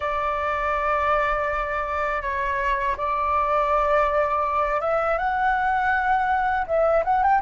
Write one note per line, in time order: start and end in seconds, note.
0.00 2.22 D5
2.22 2.96 C#5
2.97 4.80 D5
4.80 5.18 E5
5.18 6.66 F#5
6.66 7.03 E5
7.04 7.23 F#5
7.23 7.41 G5